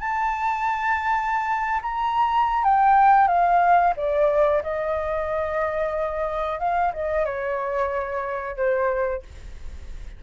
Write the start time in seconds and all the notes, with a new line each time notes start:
0.00 A5
1.83 A#5
2.64 G5
3.28 F5
3.97 D5
4.63 D#5
6.60 F5
6.94 D#5
7.26 C#5
8.57 C5